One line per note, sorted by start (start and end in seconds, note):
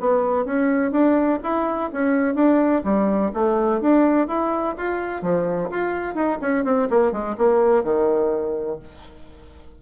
0.00 0.45 B3
0.45 0.91 C#4
0.91 1.39 D4
1.43 1.91 E4
1.92 2.35 C#4
2.35 2.82 D4
2.84 3.31 G3
3.34 3.81 A3
3.81 4.27 D4
4.27 4.75 E4
4.77 5.22 F4
5.22 5.69 F3
5.71 6.15 F4
6.15 6.39 D#4
6.41 6.65 C#4
6.65 6.88 C4
6.90 7.12 A#3
7.12 7.36 G#3
7.37 7.84 A#3
7.84 8.79 D#3